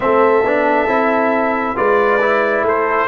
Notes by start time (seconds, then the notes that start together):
0.00 A3 C4 A4 E5
0.44 B3 D4
0.87 C4 E4
1.75 G#3 F4 B4 D5
2.20 E4
2.62 A3 A4 C5